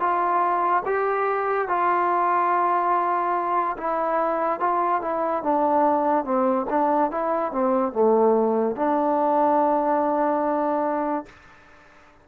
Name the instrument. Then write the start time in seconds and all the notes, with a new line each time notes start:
trombone
0.00 F4
0.85 G4
1.68 F4
3.78 E4
4.60 F4
5.01 E4
5.43 D4
6.25 C4
6.70 D4
7.11 E4
7.52 C4
7.93 A3
8.76 D4